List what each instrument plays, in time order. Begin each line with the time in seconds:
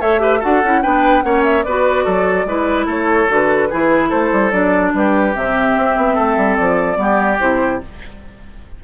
0.00 bassoon A3, clarinet A4, oboe C#5, flute E5
0.19 clarinet G4, oboe B4
0.39 bassoon D4, clarinet F#4, oboe A4, flute F#5
0.63 bassoon C#4, clarinet E4
0.82 bassoon B3, clarinet D4, oboe B4, flute G5
1.22 bassoon A#3, clarinet C#4, oboe C#5, flute F#5
1.43 flute E5
1.63 bassoon B3, clarinet F#4, oboe B4, flute D5
2.04 bassoon F#3, oboe A4
2.45 bassoon G#3, clarinet E4, oboe B4
2.86 bassoon A3, oboe A4, flute C#5
3.27 bassoon D3, clarinet F#4, flute B4
3.69 bassoon E3, clarinet E4, oboe G#4
4.08 bassoon A3, oboe A4, flute C5
4.32 bassoon G3
4.51 bassoon F#3, clarinet D4, flute D5
4.93 bassoon G3, oboe G4, flute B4
5.33 bassoon C3, clarinet C4, flute E5
5.76 bassoon C4
5.96 bassoon B3
6.14 bassoon A3, oboe A4
6.37 bassoon G3
6.56 bassoon F3, flute D5
6.95 bassoon G3, clarinet B3, oboe G4
7.39 bassoon C3, clarinet E4, flute C5